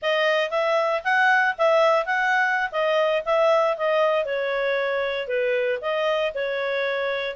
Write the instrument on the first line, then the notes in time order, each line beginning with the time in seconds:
clarinet
0.02 D#5
0.50 E5
1.03 F#5
1.58 E5
2.05 F#5
2.71 D#5
3.25 E5
3.77 D#5
4.25 C#5
5.27 B4
5.81 D#5
6.34 C#5